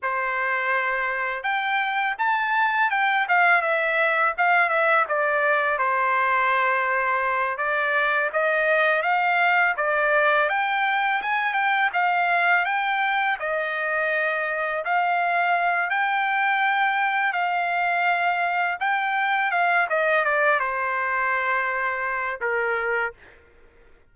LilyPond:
\new Staff \with { instrumentName = "trumpet" } { \time 4/4 \tempo 4 = 83 c''2 g''4 a''4 | g''8 f''8 e''4 f''8 e''8 d''4 | c''2~ c''8 d''4 dis''8~ | dis''8 f''4 d''4 g''4 gis''8 |
g''8 f''4 g''4 dis''4.~ | dis''8 f''4. g''2 | f''2 g''4 f''8 dis''8 | d''8 c''2~ c''8 ais'4 | }